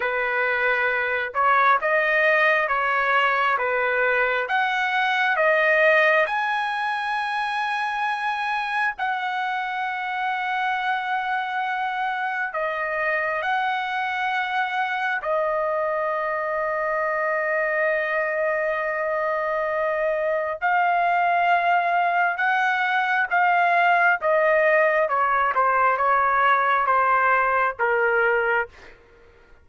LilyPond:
\new Staff \with { instrumentName = "trumpet" } { \time 4/4 \tempo 4 = 67 b'4. cis''8 dis''4 cis''4 | b'4 fis''4 dis''4 gis''4~ | gis''2 fis''2~ | fis''2 dis''4 fis''4~ |
fis''4 dis''2.~ | dis''2. f''4~ | f''4 fis''4 f''4 dis''4 | cis''8 c''8 cis''4 c''4 ais'4 | }